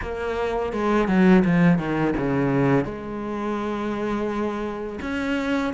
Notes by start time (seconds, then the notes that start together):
0.01 A#3
0.72 G#3
1.07 F#3
1.44 F3
1.78 D#3
2.17 C#3
2.84 G#3
5.01 C#4